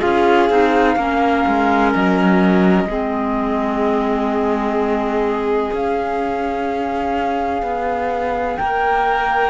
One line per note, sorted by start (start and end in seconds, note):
0.00 0.50 C#4
0.00 0.49 F4
0.00 0.95 G#4
0.00 1.91 F5
0.50 0.97 C4
0.50 0.98 D#4
0.97 1.44 A#3
0.97 2.89 C#4
0.97 2.88 A#4
1.47 1.95 G#3
1.94 2.85 F#3
1.94 5.75 D#5
2.85 5.71 G#3
2.85 5.72 C4
2.85 8.60 G#4
5.72 7.62 C#4
5.72 9.50 C#4
5.72 8.57 F5
7.63 8.58 B3
8.57 9.50 A#3
8.57 9.50 A#4
8.57 9.50 G5